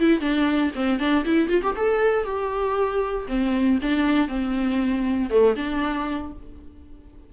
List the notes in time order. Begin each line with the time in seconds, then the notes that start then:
0.00 E4
0.21 D4
0.76 C4
1.00 D4
1.25 E4
1.49 F4
1.63 G4
1.77 A4
2.25 G4
3.28 C4
3.82 D4
4.29 C4
5.30 A3
5.57 D4